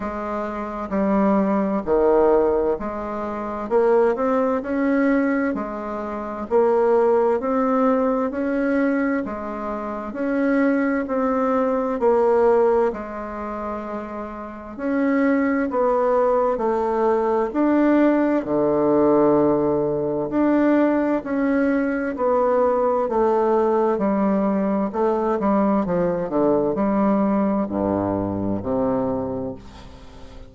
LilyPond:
\new Staff \with { instrumentName = "bassoon" } { \time 4/4 \tempo 4 = 65 gis4 g4 dis4 gis4 | ais8 c'8 cis'4 gis4 ais4 | c'4 cis'4 gis4 cis'4 | c'4 ais4 gis2 |
cis'4 b4 a4 d'4 | d2 d'4 cis'4 | b4 a4 g4 a8 g8 | f8 d8 g4 g,4 c4 | }